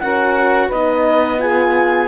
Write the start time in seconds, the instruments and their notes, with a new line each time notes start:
0.00 horn C#4, cello F#4, saxophone A#4, clarinet F#5
0.67 horn D#4, saxophone B4, clarinet D#5
0.73 cello B3
1.39 horn F4, saxophone G#4, clarinet G#5